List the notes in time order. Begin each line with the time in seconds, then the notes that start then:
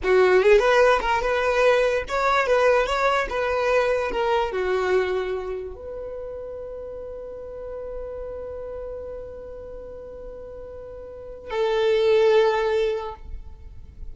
0.03 F#4
0.42 G#4
0.59 B4
1.01 A#4
1.21 B4
2.08 C#5
2.47 B4
2.86 C#5
3.29 B4
4.11 A#4
4.52 F#4
5.75 B4
11.50 A4